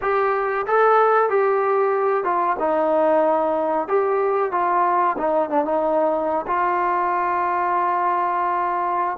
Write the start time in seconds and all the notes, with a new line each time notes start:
0.01 G4
0.66 A4
1.29 G4
2.24 F4
2.59 D#4
3.87 G4
4.51 F4
5.17 D#4
5.49 D4
5.65 D#4
6.46 F4